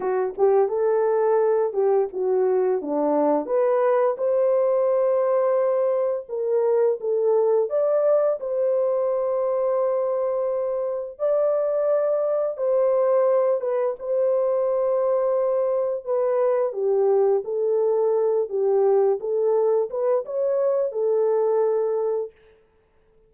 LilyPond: \new Staff \with { instrumentName = "horn" } { \time 4/4 \tempo 4 = 86 fis'8 g'8 a'4. g'8 fis'4 | d'4 b'4 c''2~ | c''4 ais'4 a'4 d''4 | c''1 |
d''2 c''4. b'8 | c''2. b'4 | g'4 a'4. g'4 a'8~ | a'8 b'8 cis''4 a'2 | }